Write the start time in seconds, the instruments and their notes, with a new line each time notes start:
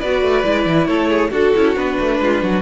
0.00 cello B3, viola F#4, violin B4 D5
0.23 cello A3
0.44 cello G#3, viola E4
0.66 cello E3
0.87 cello A3, violin A4 C#5
1.10 violin G#4
1.31 cello D4, violin F#4 A4, viola F#4
1.55 cello C#4, viola E4
1.76 cello B3, viola D4, violin B4
2.00 cello A3
2.20 cello G#3, violin F4
2.43 cello F#3, violin F#4